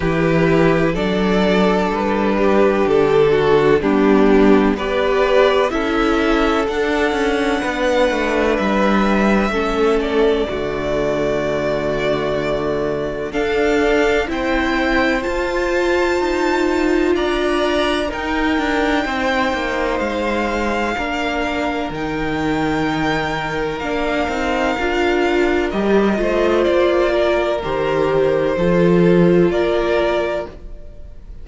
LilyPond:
<<
  \new Staff \with { instrumentName = "violin" } { \time 4/4 \tempo 4 = 63 b'4 d''4 b'4 a'4 | g'4 d''4 e''4 fis''4~ | fis''4 e''4. d''4.~ | d''2 f''4 g''4 |
a''2 ais''4 g''4~ | g''4 f''2 g''4~ | g''4 f''2 dis''4 | d''4 c''2 d''4 | }
  \new Staff \with { instrumentName = "violin" } { \time 4/4 g'4 a'4. g'4 fis'8 | d'4 b'4 a'2 | b'2 a'4 fis'4~ | fis'2 a'4 c''4~ |
c''2 d''4 ais'4 | c''2 ais'2~ | ais'2.~ ais'8 c''8~ | c''8 ais'4. a'4 ais'4 | }
  \new Staff \with { instrumentName = "viola" } { \time 4/4 e'4 d'2. | b4 g'4 e'4 d'4~ | d'2 cis'4 a4~ | a2 d'4 e'4 |
f'2. dis'4~ | dis'2 d'4 dis'4~ | dis'4 d'8 dis'8 f'4 g'8 f'8~ | f'4 g'4 f'2 | }
  \new Staff \with { instrumentName = "cello" } { \time 4/4 e4 fis4 g4 d4 | g4 b4 cis'4 d'8 cis'8 | b8 a8 g4 a4 d4~ | d2 d'4 c'4 |
f'4 dis'4 d'4 dis'8 d'8 | c'8 ais8 gis4 ais4 dis4~ | dis4 ais8 c'8 d'4 g8 a8 | ais4 dis4 f4 ais4 | }
>>